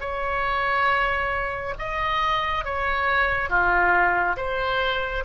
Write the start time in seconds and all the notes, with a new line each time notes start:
0.00 C#5
1.79 D#5
2.64 C#5
3.49 F4
4.36 C5